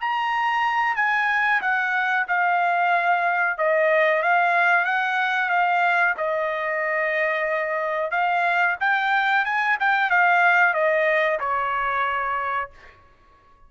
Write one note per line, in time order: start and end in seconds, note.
0.00 0.95 A#5
0.95 1.61 G#5
1.61 2.26 F#5
2.28 3.58 F5
3.58 4.22 D#5
4.22 4.85 F5
4.85 5.50 F#5
5.50 6.15 F5
6.17 8.11 D#5
8.11 8.76 F5
8.80 9.45 G5
9.45 9.77 G#5
9.80 10.10 G5
10.10 10.73 F5
10.73 11.39 D#5
11.40 12.70 C#5